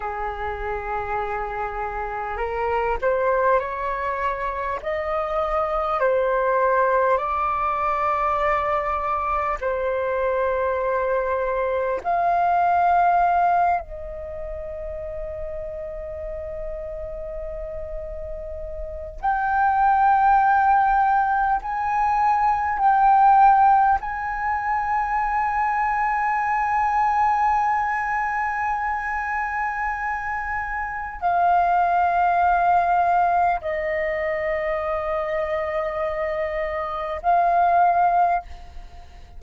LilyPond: \new Staff \with { instrumentName = "flute" } { \time 4/4 \tempo 4 = 50 gis'2 ais'8 c''8 cis''4 | dis''4 c''4 d''2 | c''2 f''4. dis''8~ | dis''1 |
g''2 gis''4 g''4 | gis''1~ | gis''2 f''2 | dis''2. f''4 | }